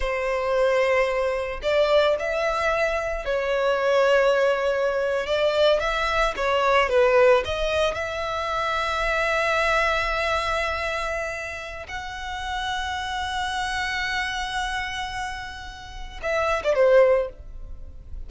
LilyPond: \new Staff \with { instrumentName = "violin" } { \time 4/4 \tempo 4 = 111 c''2. d''4 | e''2 cis''2~ | cis''4.~ cis''16 d''4 e''4 cis''16~ | cis''8. b'4 dis''4 e''4~ e''16~ |
e''1~ | e''2 fis''2~ | fis''1~ | fis''2 e''8. d''16 c''4 | }